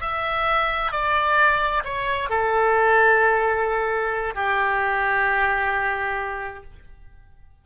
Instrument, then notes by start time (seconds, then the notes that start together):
oboe
0.00 E5
0.91 D5
1.84 C#5
2.29 A4
4.34 G4